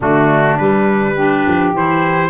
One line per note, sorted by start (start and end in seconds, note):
0.00 0.58 D3
0.00 0.58 A3
0.00 1.13 D4
0.00 0.57 F#4
0.57 1.16 G3
0.57 1.46 G3
0.57 1.73 B4
1.14 1.74 D4
1.14 2.29 G4
1.47 1.72 F3
1.72 2.29 E3
1.72 2.29 E4
1.72 2.29 C5